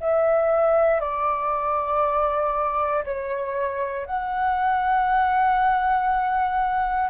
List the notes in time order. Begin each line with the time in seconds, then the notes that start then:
0.00 E5
1.00 D5
3.04 C#5
4.06 F#5